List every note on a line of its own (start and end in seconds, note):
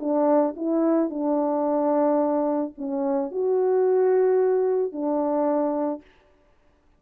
0.00 0.55 D4
0.57 1.10 E4
1.10 2.73 D4
2.78 3.31 C#4
3.31 4.93 F#4
4.93 6.02 D4